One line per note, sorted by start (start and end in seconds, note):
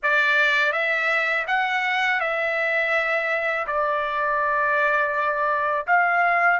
0.03 0.72 D5
0.72 1.45 E5
1.47 2.20 F#5
2.20 3.66 E5
3.67 5.86 D5
5.86 6.60 F5